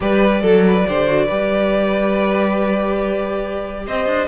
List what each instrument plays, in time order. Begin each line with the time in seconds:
0.00 cello G3, viola G4, violin B4 D5
0.41 cello F#3, violin A4, viola A4
0.67 violin B4
0.87 cello D3, viola G4, violin C5
1.07 viola F#4
1.25 cello G3, viola G4, violin B4
3.86 cello C4, violin C5 D#5
4.06 cello D4